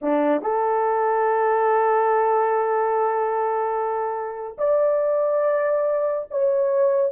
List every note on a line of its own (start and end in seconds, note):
0.01 0.42 D4
0.42 4.56 A4
4.57 6.28 D5
6.30 7.12 C#5